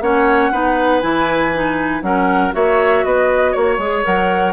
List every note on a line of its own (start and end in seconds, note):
0.00 0.50 A#3
0.00 0.52 C#4
0.00 0.51 C#5
0.00 1.00 F#5
0.51 1.02 B3
0.51 1.01 D#4
0.51 2.03 B4
1.00 2.02 E3
1.00 1.51 E4
1.00 2.01 G#5
1.54 2.02 D#4
2.01 2.52 F#3
2.01 2.52 C#4
2.01 2.55 A#4
2.01 2.52 F#5
2.52 3.04 A#3
2.52 3.78 F#4
2.52 3.05 C#5
2.52 3.04 E5
3.04 3.55 B3
3.04 3.51 B4
3.04 3.54 D#5
3.51 3.78 A#3
3.51 4.52 C#5
3.51 4.04 C#5
3.78 4.03 G#3
3.78 4.03 G#4
4.03 4.52 F#3
4.03 4.52 A#4
4.03 4.52 F#5